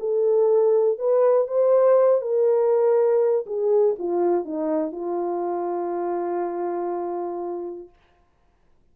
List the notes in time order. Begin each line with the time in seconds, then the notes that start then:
0.00 A4
0.99 B4
1.48 C5
2.22 A#4
3.46 G#4
3.99 F4
4.45 D#4
4.92 F4